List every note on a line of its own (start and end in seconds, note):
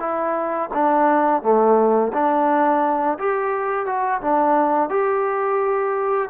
0.00 0.70 E4
0.74 1.43 D4
1.43 2.12 A3
2.14 3.18 D4
3.19 3.87 G4
3.87 4.21 F#4
4.22 4.90 D4
4.90 6.29 G4